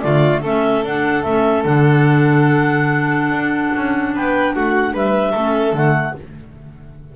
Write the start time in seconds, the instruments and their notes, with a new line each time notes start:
0.00 double bass D3, clarinet A3 D5, violin F4
0.41 double bass A3, clarinet C#4 E5, violin A4
0.84 double bass D4, clarinet D4 F#5
1.23 double bass A3, clarinet C#4 E5
1.64 double bass D3, clarinet D4 F#5
3.31 double bass D4
3.76 double bass C#4
4.15 double bass B3, violin B4, clarinet G5
4.54 double bass A3, violin F#4, clarinet F#5
4.93 double bass G3, violin B4, clarinet E5
5.31 double bass A3, clarinet C#4, violin A4
5.72 double bass D3, clarinet A3 F#5